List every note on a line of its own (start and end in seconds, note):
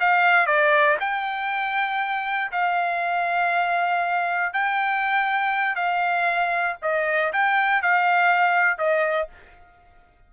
0.00 0.47 F5
0.47 0.97 D5
1.00 2.51 G5
2.52 4.53 F5
4.53 5.76 G5
5.76 6.77 F5
6.82 7.32 D#5
7.33 7.82 G5
7.82 8.78 F5
8.78 9.28 D#5